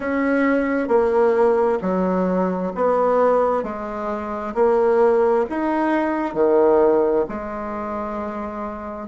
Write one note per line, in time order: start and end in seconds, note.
0.00 0.88 C#4
0.88 1.79 A#3
1.81 2.72 F#3
2.75 3.63 B3
3.63 4.54 G#3
4.54 5.45 A#3
5.49 6.34 D#4
6.34 7.25 D#3
7.29 9.08 G#3